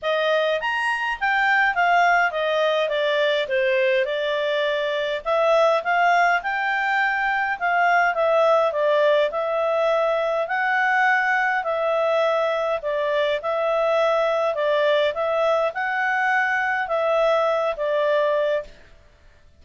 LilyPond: \new Staff \with { instrumentName = "clarinet" } { \time 4/4 \tempo 4 = 103 dis''4 ais''4 g''4 f''4 | dis''4 d''4 c''4 d''4~ | d''4 e''4 f''4 g''4~ | g''4 f''4 e''4 d''4 |
e''2 fis''2 | e''2 d''4 e''4~ | e''4 d''4 e''4 fis''4~ | fis''4 e''4. d''4. | }